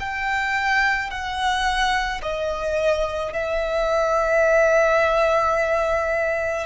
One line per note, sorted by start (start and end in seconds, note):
0.00 1.11 G5
1.11 2.22 F#5
2.22 3.33 D#5
3.33 6.66 E5